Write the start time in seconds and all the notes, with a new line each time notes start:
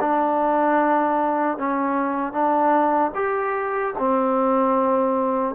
0.00 D4
1.58 C#4
2.33 D4
3.15 G4
3.98 C4